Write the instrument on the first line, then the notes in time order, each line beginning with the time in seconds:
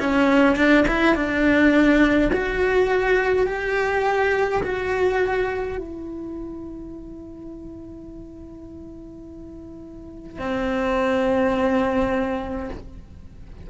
cello
0.00 C#4
0.56 D4
0.88 E4
1.15 D4
2.33 F#4
3.47 G4
4.63 F#4
5.77 E4
10.39 C4